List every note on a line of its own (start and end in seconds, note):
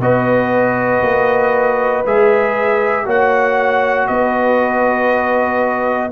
0.00 1.02 B3
0.00 2.05 F#4
0.00 3.05 B4
0.00 2.05 D#5
1.02 2.04 A#3
2.06 3.06 G#3
2.06 3.05 G#4
2.06 3.08 E5
3.05 4.08 A#3
3.05 6.10 F#4
3.05 4.07 C#5
3.05 4.07 F#5
4.07 6.12 B3
4.07 6.12 B4
4.07 6.11 D#5